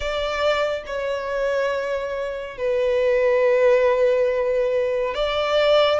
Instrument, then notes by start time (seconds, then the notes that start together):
violin
0.00 D5
0.86 C#5
2.57 B4
5.14 D5